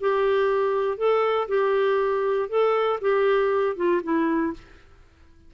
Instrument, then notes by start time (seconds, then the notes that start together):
clarinet
0.00 G4
0.97 A4
1.48 G4
2.49 A4
3.01 G4
3.76 F4
4.03 E4